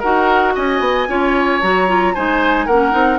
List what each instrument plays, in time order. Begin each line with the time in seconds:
0.00 bassoon D#4, clarinet F#4, oboe A#4, flute F#5
0.55 bassoon C#4, oboe D#5, flute G#5
0.80 bassoon B3
1.08 bassoon C#4, clarinet F4, oboe C#5
1.61 bassoon F#3, clarinet F#4, flute A#5
1.88 clarinet F4
2.14 bassoon G#3, clarinet D#4, oboe C5, flute G#5
2.66 bassoon A#3, clarinet C#4, oboe A#4, flute F#5
2.91 bassoon C4, clarinet D#4